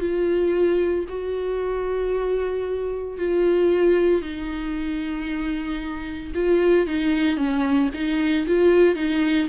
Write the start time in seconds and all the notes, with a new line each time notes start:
0.00 F4
1.09 F#4
3.18 F4
4.22 D#4
6.34 F4
6.87 D#4
7.37 C#4
7.94 D#4
8.47 F4
8.95 D#4